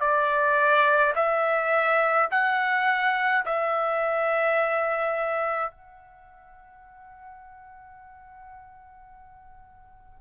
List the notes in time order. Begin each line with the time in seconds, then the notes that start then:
0.00 D5
1.15 E5
2.31 F#5
3.45 E5
5.71 F#5